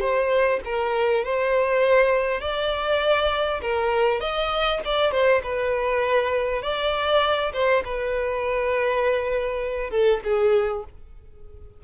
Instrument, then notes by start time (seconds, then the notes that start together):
violin
0.00 C5
0.64 A#4
1.24 C5
2.41 D5
3.61 A#4
4.20 D#5
4.84 D5
5.12 C5
5.43 B4
6.62 D5
7.53 C5
7.84 B4
9.90 A4
10.24 G#4